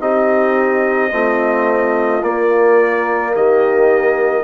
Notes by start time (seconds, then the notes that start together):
0.00 C4 D#4 G4 D#5
1.11 A3 C4 F4
2.22 A#3 D5
3.34 D#3 G4 D#5